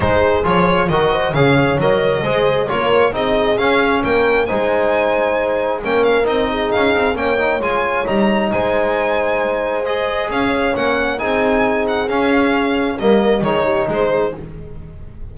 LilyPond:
<<
  \new Staff \with { instrumentName = "violin" } { \time 4/4 \tempo 4 = 134 c''4 cis''4 dis''4 f''4 | dis''2 cis''4 dis''4 | f''4 g''4 gis''2~ | gis''4 g''8 f''8 dis''4 f''4 |
g''4 gis''4 ais''4 gis''4~ | gis''2 dis''4 f''4 | fis''4 gis''4. fis''8 f''4~ | f''4 dis''4 cis''4 c''4 | }
  \new Staff \with { instrumentName = "horn" } { \time 4/4 gis'2 ais'8 c''8 cis''4~ | cis''4 c''4 ais'4 gis'4~ | gis'4 ais'4 c''2~ | c''4 ais'4. gis'4. |
cis''2. c''4~ | c''2. cis''4~ | cis''4 gis'2.~ | gis'4 ais'4 gis'8 g'8 gis'4 | }
  \new Staff \with { instrumentName = "trombone" } { \time 4/4 dis'4 f'4 fis'4 gis'4 | ais'4 gis'4 f'4 dis'4 | cis'2 dis'2~ | dis'4 cis'4 dis'2 |
cis'8 dis'8 f'4 dis'2~ | dis'2 gis'2 | cis'4 dis'2 cis'4~ | cis'4 ais4 dis'2 | }
  \new Staff \with { instrumentName = "double bass" } { \time 4/4 gis4 f4 dis4 cis4 | fis4 gis4 ais4 c'4 | cis'4 ais4 gis2~ | gis4 ais4 c'4 cis'8 c'8 |
ais4 gis4 g4 gis4~ | gis2. cis'4 | ais4 c'2 cis'4~ | cis'4 g4 dis4 gis4 | }
>>